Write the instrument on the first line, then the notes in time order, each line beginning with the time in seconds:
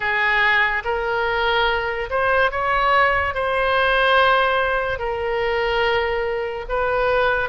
oboe
0.00 G#4
0.84 A#4
2.09 C5
2.51 C#5
3.34 C5
4.98 A#4
6.68 B4